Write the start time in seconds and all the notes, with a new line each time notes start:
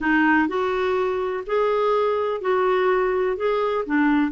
0.00 D#4
0.48 F#4
1.46 G#4
2.41 F#4
3.36 G#4
3.86 D4